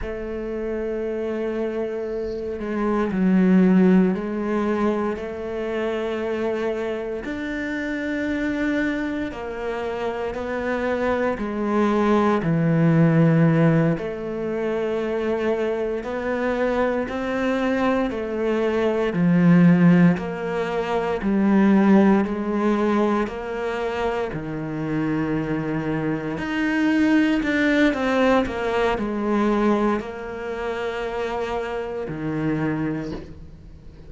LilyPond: \new Staff \with { instrumentName = "cello" } { \time 4/4 \tempo 4 = 58 a2~ a8 gis8 fis4 | gis4 a2 d'4~ | d'4 ais4 b4 gis4 | e4. a2 b8~ |
b8 c'4 a4 f4 ais8~ | ais8 g4 gis4 ais4 dis8~ | dis4. dis'4 d'8 c'8 ais8 | gis4 ais2 dis4 | }